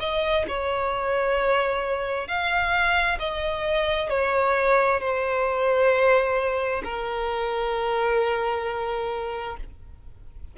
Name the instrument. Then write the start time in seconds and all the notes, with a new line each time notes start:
violin
0.00 D#5
0.48 C#5
2.28 F5
3.19 D#5
4.10 C#5
5.01 C5
6.84 A#4